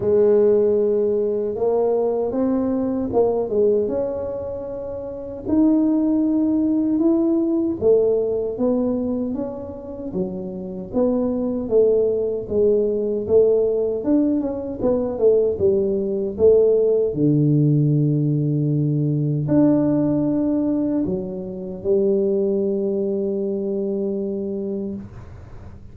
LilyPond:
\new Staff \with { instrumentName = "tuba" } { \time 4/4 \tempo 4 = 77 gis2 ais4 c'4 | ais8 gis8 cis'2 dis'4~ | dis'4 e'4 a4 b4 | cis'4 fis4 b4 a4 |
gis4 a4 d'8 cis'8 b8 a8 | g4 a4 d2~ | d4 d'2 fis4 | g1 | }